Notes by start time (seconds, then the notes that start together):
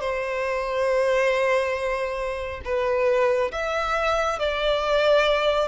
0.00 C5
2.64 B4
3.52 E5
4.39 D5